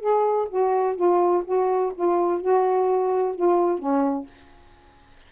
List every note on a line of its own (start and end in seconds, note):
0.00 0.48 G#4
0.49 0.96 F#4
0.96 1.43 F4
1.45 1.93 F#4
1.95 2.41 F4
2.41 3.35 F#4
3.35 3.79 F4
3.79 4.26 C#4